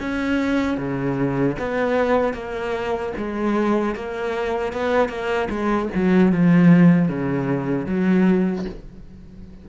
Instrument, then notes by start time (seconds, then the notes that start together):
cello
0.00 C#4
0.78 C#3
1.59 B3
2.34 A#3
3.17 G#3
3.95 A#3
4.73 B3
5.09 A#3
5.49 G#3
5.95 F#3
6.32 F3
7.08 C#3
7.86 F#3